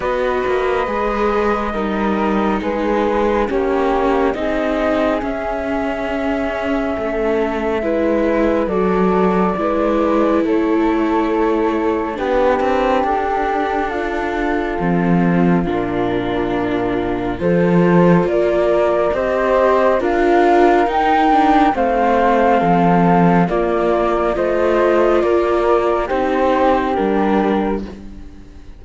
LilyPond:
<<
  \new Staff \with { instrumentName = "flute" } { \time 4/4 \tempo 4 = 69 dis''2. b'4 | cis''4 dis''4 e''2~ | e''2 d''2 | cis''2 b'4 a'4~ |
a'2 ais'2 | c''4 d''4 dis''4 f''4 | g''4 f''2 d''4 | dis''4 d''4 c''4 ais'4 | }
  \new Staff \with { instrumentName = "flute" } { \time 4/4 b'2 ais'4 gis'4 | g'4 gis'2. | a'4 b'4 a'4 b'4 | a'2 g'2 |
f'1 | a'4 ais'4 c''4 ais'4~ | ais'4 c''4 a'4 f'4 | c''4 ais'4 g'2 | }
  \new Staff \with { instrumentName = "viola" } { \time 4/4 fis'4 gis'4 dis'2 | cis'4 dis'4 cis'2~ | cis'4 e'4 fis'4 e'4~ | e'2 d'2~ |
d'4 c'4 d'2 | f'2 g'4 f'4 | dis'8 d'8 c'2 ais4 | f'2 dis'4 d'4 | }
  \new Staff \with { instrumentName = "cello" } { \time 4/4 b8 ais8 gis4 g4 gis4 | ais4 c'4 cis'2 | a4 gis4 fis4 gis4 | a2 b8 c'8 d'4~ |
d'4 f4 ais,2 | f4 ais4 c'4 d'4 | dis'4 a4 f4 ais4 | a4 ais4 c'4 g4 | }
>>